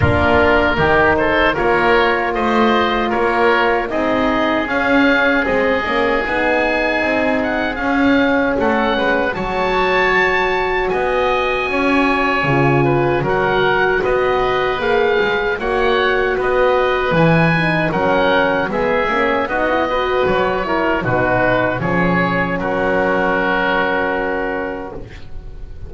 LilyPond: <<
  \new Staff \with { instrumentName = "oboe" } { \time 4/4 \tempo 4 = 77 ais'4. c''8 cis''4 dis''4 | cis''4 dis''4 f''4 dis''4 | gis''4. fis''8 f''4 fis''4 | a''2 gis''2~ |
gis''4 fis''4 dis''4 f''4 | fis''4 dis''4 gis''4 fis''4 | e''4 dis''4 cis''4 b'4 | cis''4 ais'2. | }
  \new Staff \with { instrumentName = "oboe" } { \time 4/4 f'4 g'8 a'8 ais'4 c''4 | ais'4 gis'2.~ | gis'2. a'8 b'8 | cis''2 dis''4 cis''4~ |
cis''8 b'8 ais'4 b'2 | cis''4 b'2 ais'4 | gis'4 fis'8 b'4 ais'8 fis'4 | gis'4 fis'2. | }
  \new Staff \with { instrumentName = "horn" } { \time 4/4 d'4 dis'4 f'2~ | f'4 dis'4 cis'4 c'8 cis'8 | dis'2 cis'2 | fis'1 |
f'4 fis'2 gis'4 | fis'2 e'8 dis'8 cis'4 | b8 cis'8 dis'16 e'16 fis'4 e'8 dis'4 | cis'1 | }
  \new Staff \with { instrumentName = "double bass" } { \time 4/4 ais4 dis4 ais4 a4 | ais4 c'4 cis'4 gis8 ais8 | b4 c'4 cis'4 a8 gis8 | fis2 b4 cis'4 |
cis4 fis4 b4 ais8 gis8 | ais4 b4 e4 fis4 | gis8 ais8 b4 fis4 b,4 | f4 fis2. | }
>>